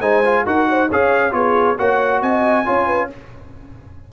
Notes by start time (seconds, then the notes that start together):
0.00 G#3 D#4 C5 G#5
0.24 F4
0.45 D#4 F#4 A#4 F#5
0.68 C5
0.88 C#4 G#4 C#5 F5
1.31 B3 F4 G#4 C#5
1.77 A#3 F#4 C#5 F#5
2.21 C4 D#5 G#5
2.65 C#4 F4 C#5
2.86 B4